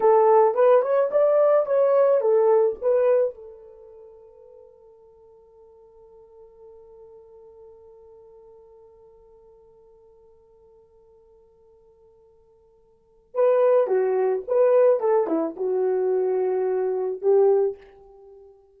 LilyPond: \new Staff \with { instrumentName = "horn" } { \time 4/4 \tempo 4 = 108 a'4 b'8 cis''8 d''4 cis''4 | a'4 b'4 a'2~ | a'1~ | a'1~ |
a'1~ | a'1 | b'4 fis'4 b'4 a'8 e'8 | fis'2. g'4 | }